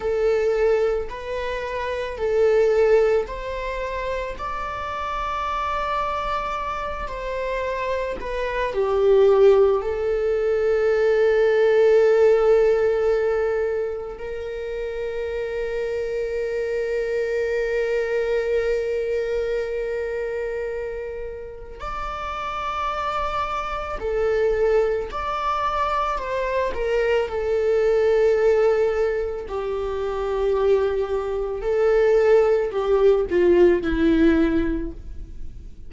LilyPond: \new Staff \with { instrumentName = "viola" } { \time 4/4 \tempo 4 = 55 a'4 b'4 a'4 c''4 | d''2~ d''8 c''4 b'8 | g'4 a'2.~ | a'4 ais'2.~ |
ais'1 | d''2 a'4 d''4 | c''8 ais'8 a'2 g'4~ | g'4 a'4 g'8 f'8 e'4 | }